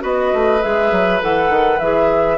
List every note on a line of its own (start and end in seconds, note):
0.00 0.33 B3
0.00 0.59 F#4
0.00 2.38 B4
0.00 0.63 D#5
0.34 0.63 A3
0.62 0.92 G#3
0.62 1.21 G#4
0.62 1.22 E5
0.92 1.21 F#3
1.21 1.50 E3
1.21 1.79 A4
1.21 1.80 F#5
1.50 1.79 D#3
1.80 2.38 E3
1.80 2.38 G#4
1.80 2.38 E5